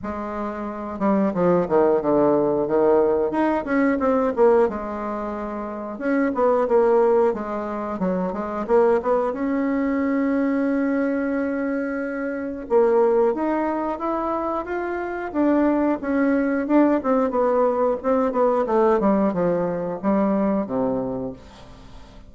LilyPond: \new Staff \with { instrumentName = "bassoon" } { \time 4/4 \tempo 4 = 90 gis4. g8 f8 dis8 d4 | dis4 dis'8 cis'8 c'8 ais8 gis4~ | gis4 cis'8 b8 ais4 gis4 | fis8 gis8 ais8 b8 cis'2~ |
cis'2. ais4 | dis'4 e'4 f'4 d'4 | cis'4 d'8 c'8 b4 c'8 b8 | a8 g8 f4 g4 c4 | }